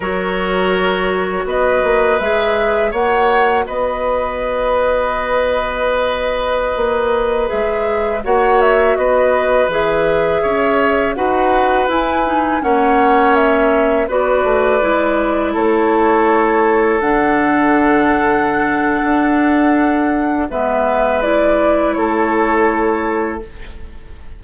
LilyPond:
<<
  \new Staff \with { instrumentName = "flute" } { \time 4/4 \tempo 4 = 82 cis''2 dis''4 e''4 | fis''4 dis''2.~ | dis''2~ dis''16 e''4 fis''8 e''16~ | e''16 dis''4 e''2 fis''8.~ |
fis''16 gis''4 fis''4 e''4 d''8.~ | d''4~ d''16 cis''2 fis''8.~ | fis''1 | e''4 d''4 cis''2 | }
  \new Staff \with { instrumentName = "oboe" } { \time 4/4 ais'2 b'2 | cis''4 b'2.~ | b'2.~ b'16 cis''8.~ | cis''16 b'2 cis''4 b'8.~ |
b'4~ b'16 cis''2 b'8.~ | b'4~ b'16 a'2~ a'8.~ | a'1 | b'2 a'2 | }
  \new Staff \with { instrumentName = "clarinet" } { \time 4/4 fis'2. gis'4 | fis'1~ | fis'2~ fis'16 gis'4 fis'8.~ | fis'4~ fis'16 gis'2 fis'8.~ |
fis'16 e'8 dis'8 cis'2 fis'8.~ | fis'16 e'2. d'8.~ | d'1 | b4 e'2. | }
  \new Staff \with { instrumentName = "bassoon" } { \time 4/4 fis2 b8 ais8 gis4 | ais4 b2.~ | b4~ b16 ais4 gis4 ais8.~ | ais16 b4 e4 cis'4 dis'8.~ |
dis'16 e'4 ais2 b8 a16~ | a16 gis4 a2 d8.~ | d2 d'2 | gis2 a2 | }
>>